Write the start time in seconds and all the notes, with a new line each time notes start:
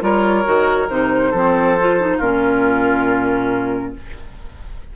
0.00 G3 F4 A#4 C#5
0.45 D#3 F#4
0.89 C3 D#4 C5
1.30 F3 C4 A4
1.80 F4
2.00 D#4
2.17 A#2 C#4 F4 A#4